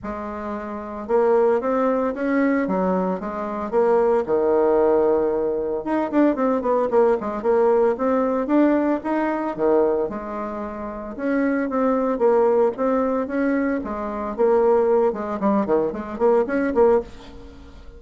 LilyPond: \new Staff \with { instrumentName = "bassoon" } { \time 4/4 \tempo 4 = 113 gis2 ais4 c'4 | cis'4 fis4 gis4 ais4 | dis2. dis'8 d'8 | c'8 b8 ais8 gis8 ais4 c'4 |
d'4 dis'4 dis4 gis4~ | gis4 cis'4 c'4 ais4 | c'4 cis'4 gis4 ais4~ | ais8 gis8 g8 dis8 gis8 ais8 cis'8 ais8 | }